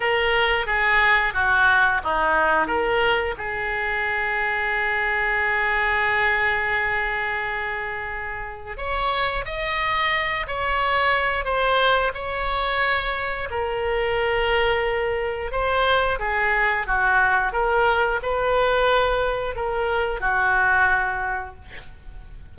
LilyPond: \new Staff \with { instrumentName = "oboe" } { \time 4/4 \tempo 4 = 89 ais'4 gis'4 fis'4 dis'4 | ais'4 gis'2.~ | gis'1~ | gis'4 cis''4 dis''4. cis''8~ |
cis''4 c''4 cis''2 | ais'2. c''4 | gis'4 fis'4 ais'4 b'4~ | b'4 ais'4 fis'2 | }